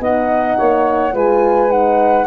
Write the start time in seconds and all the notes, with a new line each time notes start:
0.00 B3 D#4 D#5 F#5
0.57 A#3 C#5
1.13 G#3 F4 B4 G#5
1.69 D#4 F#5